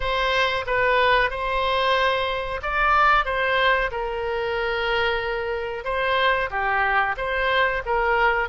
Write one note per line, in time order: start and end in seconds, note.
0.00 0.65 C5
0.66 1.30 B4
1.30 2.60 C5
2.62 3.25 D5
3.25 3.90 C5
3.91 5.84 A#4
5.84 6.49 C5
6.50 7.15 G4
7.17 7.82 C5
7.85 8.48 A#4